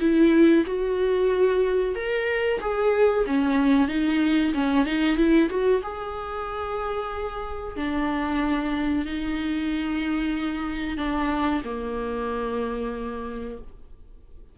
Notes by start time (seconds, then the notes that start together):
0.00 E4
0.66 F#4
1.95 A#4
2.60 G#4
3.26 C#4
3.88 D#4
4.54 C#4
4.86 D#4
5.17 E4
5.50 F#4
5.83 G#4
7.77 D4
9.05 D#4
10.97 D4
11.65 A#3